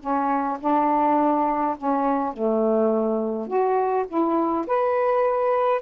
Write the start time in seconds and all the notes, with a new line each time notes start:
0.00 C#4
0.60 D4
1.78 C#4
2.34 A3
3.48 F#4
4.08 E4
4.67 B4